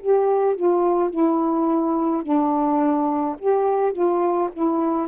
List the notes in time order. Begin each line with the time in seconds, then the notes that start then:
0.00 G4
0.56 F4
1.10 E4
2.23 D4
3.39 G4
3.93 F4
4.53 E4